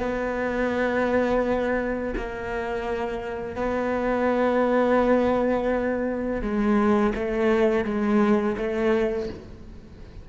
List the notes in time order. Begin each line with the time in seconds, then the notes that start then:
0.00 B3
2.17 A#3
3.56 B3
6.42 G#3
7.15 A3
7.85 G#3
8.58 A3